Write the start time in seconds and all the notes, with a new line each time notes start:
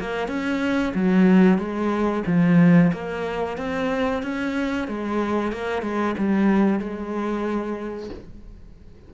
0.00 A#3
0.28 C#4
0.94 F#3
1.58 G#3
2.26 F3
2.93 A#3
3.58 C4
4.22 C#4
4.88 G#3
5.52 A#3
5.82 G#3
6.17 G3
6.79 G#3